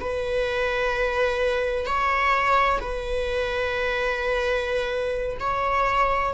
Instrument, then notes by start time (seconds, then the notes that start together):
viola
0.00 B4
1.85 C#5
2.80 B4
5.39 C#5